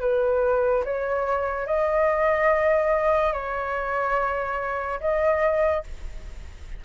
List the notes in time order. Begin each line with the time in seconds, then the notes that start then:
0.00 B4
0.84 C#5
1.66 D#5
3.33 C#5
5.00 D#5